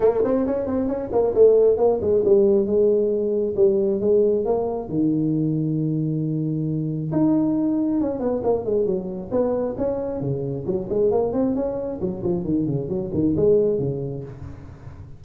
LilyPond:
\new Staff \with { instrumentName = "tuba" } { \time 4/4 \tempo 4 = 135 ais8 c'8 cis'8 c'8 cis'8 ais8 a4 | ais8 gis8 g4 gis2 | g4 gis4 ais4 dis4~ | dis1 |
dis'2 cis'8 b8 ais8 gis8 | fis4 b4 cis'4 cis4 | fis8 gis8 ais8 c'8 cis'4 fis8 f8 | dis8 cis8 fis8 dis8 gis4 cis4 | }